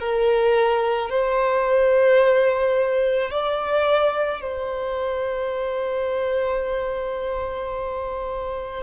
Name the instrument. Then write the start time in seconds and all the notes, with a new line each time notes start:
violin
0.00 A#4
1.10 C5
3.31 D5
4.41 C5